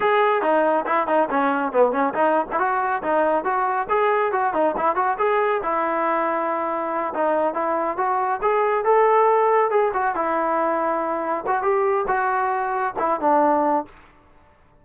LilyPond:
\new Staff \with { instrumentName = "trombone" } { \time 4/4 \tempo 4 = 139 gis'4 dis'4 e'8 dis'8 cis'4 | b8 cis'8 dis'8. e'16 fis'4 dis'4 | fis'4 gis'4 fis'8 dis'8 e'8 fis'8 | gis'4 e'2.~ |
e'8 dis'4 e'4 fis'4 gis'8~ | gis'8 a'2 gis'8 fis'8 e'8~ | e'2~ e'8 fis'8 g'4 | fis'2 e'8 d'4. | }